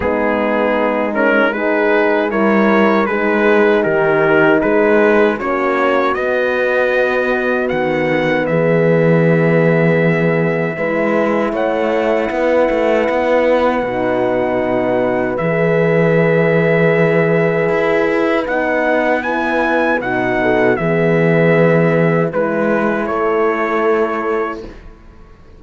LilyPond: <<
  \new Staff \with { instrumentName = "trumpet" } { \time 4/4 \tempo 4 = 78 gis'4. ais'8 b'4 cis''4 | b'4 ais'4 b'4 cis''4 | dis''2 fis''4 e''4~ | e''2. fis''4~ |
fis''1 | e''1 | fis''4 gis''4 fis''4 e''4~ | e''4 b'4 cis''2 | }
  \new Staff \with { instrumentName = "horn" } { \time 4/4 dis'2 gis'4 ais'4 | gis'4 g'4 gis'4 fis'4~ | fis'2. gis'4~ | gis'2 b'4 cis''4 |
b'1~ | b'1~ | b'2~ b'8 a'8 gis'4~ | gis'4 b'4 a'2 | }
  \new Staff \with { instrumentName = "horn" } { \time 4/4 b4. cis'8 dis'4 e'4 | dis'2. cis'4 | b1~ | b2 e'2~ |
e'2 dis'2 | gis'1 | dis'4 e'4 dis'4 b4~ | b4 e'2. | }
  \new Staff \with { instrumentName = "cello" } { \time 4/4 gis2. g4 | gis4 dis4 gis4 ais4 | b2 dis4 e4~ | e2 gis4 a4 |
b8 a8 b4 b,2 | e2. e'4 | b2 b,4 e4~ | e4 gis4 a2 | }
>>